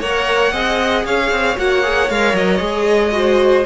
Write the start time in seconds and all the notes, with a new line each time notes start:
0.00 A#3 A#4 C#5 F#5
0.52 C4 G#4 D#5
1.05 C#4 C#5 F5
1.31 C4
1.57 A#3 F#4 F#5
1.83 G#4
2.10 G#3 A#4 F5
2.33 F#3 D#5
2.58 G#3 G#4
3.11 F#4 C5